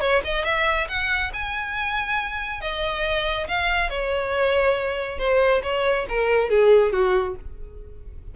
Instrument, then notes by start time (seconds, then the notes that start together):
violin
0.00 C#5
0.24 D#5
0.44 E5
0.88 F#5
1.33 G#5
2.61 D#5
3.48 F5
3.90 C#5
5.19 C5
5.63 C#5
6.09 A#4
6.50 G#4
6.92 F#4